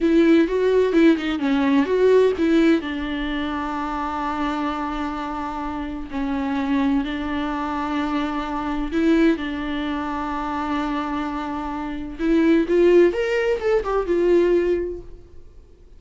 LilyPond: \new Staff \with { instrumentName = "viola" } { \time 4/4 \tempo 4 = 128 e'4 fis'4 e'8 dis'8 cis'4 | fis'4 e'4 d'2~ | d'1~ | d'4 cis'2 d'4~ |
d'2. e'4 | d'1~ | d'2 e'4 f'4 | ais'4 a'8 g'8 f'2 | }